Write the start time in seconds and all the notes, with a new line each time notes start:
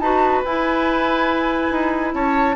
0.00 D#4 F#4 B4 A5
0.45 E4 G#5
1.71 D#4
2.14 C#4 C#5 A5